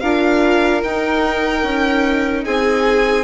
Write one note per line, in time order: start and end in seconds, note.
0.00 0.84 D4
0.00 0.83 F4
0.00 2.44 A#4
0.00 0.81 F5
0.83 3.24 D#4
0.83 1.63 D#4
0.83 2.45 G5
1.63 2.44 C#4
2.45 3.24 C4
2.45 3.24 G#4
2.45 3.24 G#5